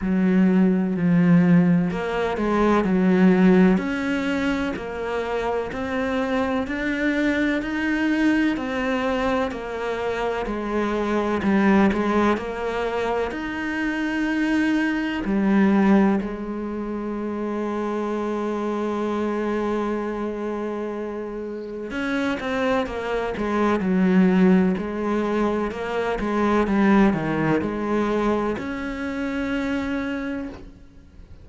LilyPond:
\new Staff \with { instrumentName = "cello" } { \time 4/4 \tempo 4 = 63 fis4 f4 ais8 gis8 fis4 | cis'4 ais4 c'4 d'4 | dis'4 c'4 ais4 gis4 | g8 gis8 ais4 dis'2 |
g4 gis2.~ | gis2. cis'8 c'8 | ais8 gis8 fis4 gis4 ais8 gis8 | g8 dis8 gis4 cis'2 | }